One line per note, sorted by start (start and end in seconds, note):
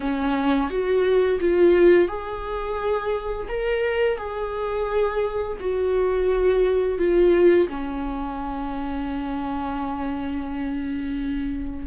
0.00 0.69 C#4
0.69 1.39 F#4
1.40 2.07 F4
2.07 3.47 G#4
3.48 4.17 A#4
4.17 5.57 G#4
5.59 6.98 F#4
6.98 7.68 F4
7.68 11.86 C#4